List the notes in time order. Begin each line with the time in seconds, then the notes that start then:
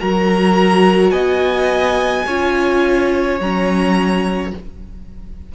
0.00 F#3 F#4 A#4 A#5
1.11 B3 D#5 G#5
2.26 C#4 F4 C#5
3.40 F#3 C#4 A#5